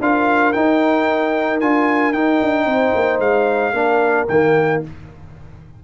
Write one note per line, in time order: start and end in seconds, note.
0.00 0.54 D4
0.00 0.55 F4
0.00 2.66 A#4
0.00 0.53 F5
0.53 1.61 D#4
0.53 1.62 D#4
0.53 1.60 G5
1.60 2.13 D4
1.60 2.14 F4
1.60 2.12 G#5
2.12 2.40 D#4
2.12 3.74 D#4
2.12 3.20 G5
2.41 2.66 D4
2.66 2.93 C4
2.66 3.73 C5
2.95 3.19 A#3
3.19 3.72 G#3
3.19 4.27 F5
3.72 4.26 A#3
3.72 4.27 D4
3.72 4.82 A#4
4.28 4.82 D#3
4.28 4.84 A#3
4.28 4.82 G5